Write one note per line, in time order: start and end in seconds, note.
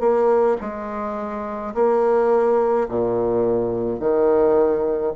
0.00 0.57 A#3
0.61 1.74 G#3
1.74 2.88 A#3
2.89 3.99 A#2
3.99 5.13 D#3